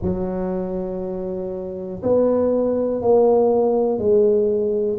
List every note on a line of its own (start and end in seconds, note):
0.01 2.01 F#3
2.02 3.01 B3
3.01 3.98 A#3
3.98 4.98 G#3